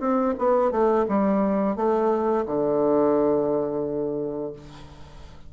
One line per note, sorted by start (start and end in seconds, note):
0.00 0.34 C4
0.38 0.71 B3
0.71 1.06 A3
1.08 1.76 G3
1.76 2.45 A3
2.46 4.53 D3